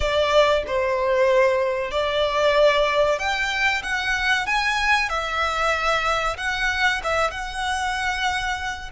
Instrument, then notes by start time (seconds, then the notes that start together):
violin
0.00 D5
0.66 C5
1.91 D5
3.18 G5
3.83 F#5
4.46 G#5
5.09 E5
6.37 F#5
7.03 E5
7.31 F#5